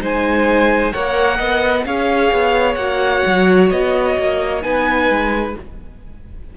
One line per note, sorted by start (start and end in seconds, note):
0.00 0.92 G#3
0.00 0.92 D#4
0.00 0.93 C5
0.00 0.92 G#5
0.92 1.39 A#3
0.92 1.85 A#4
0.92 1.37 C#5
0.92 1.85 F#5
1.37 1.85 B3
1.37 1.83 D#5
1.85 2.31 C#4
1.85 2.77 G#4
1.85 4.64 C#5
1.85 2.74 F5
2.32 2.76 B3
2.74 3.22 A#3
2.74 4.61 F#4
2.74 3.67 F#5
3.26 3.71 F#3
3.70 4.17 B3
3.70 4.62 D#5
4.18 4.63 A#3
4.61 5.09 B3
4.61 5.54 D#4
4.61 5.57 B4
4.61 5.54 G#5
5.09 5.55 G#3